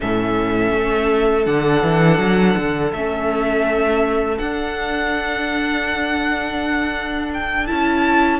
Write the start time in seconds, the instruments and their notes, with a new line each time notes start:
0.00 cello A2, viola C#4, violin A4 E5
0.73 cello A3
1.45 cello D3, viola D4, violin F#5
1.82 cello E3
2.18 cello F#3
2.57 cello D3
2.92 cello A3, viola C#4, violin E5
4.38 viola D4, cello D4, violin F#5
7.33 violin G5
7.66 cello C#4, viola E4, violin A5